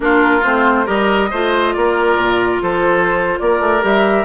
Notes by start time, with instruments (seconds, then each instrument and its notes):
0.00 bassoon A#3, clarinet D4, oboe F4, flute A#4
0.43 bassoon A3, clarinet C4, flute C5
0.85 bassoon G3, clarinet G4, oboe A#4, flute D#5
1.30 bassoon A3, clarinet F4, oboe C5
1.73 bassoon A#3, oboe A#4, flute D5
2.17 bassoon A#2
2.62 bassoon F3, oboe A4, flute C5
3.39 bassoon A#3, oboe A#4, flute D5
3.60 bassoon A3
3.81 bassoon G3, clarinet G4, flute E5